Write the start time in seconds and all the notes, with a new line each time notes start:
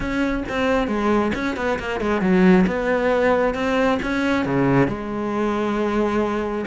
0.00 C#4
0.48 C4
0.87 G#3
1.35 C#4
1.56 B3
1.79 A#3
2.00 G#3
2.21 F#3
2.66 B3
3.54 C4
4.02 C#4
4.45 C#3
4.87 G#3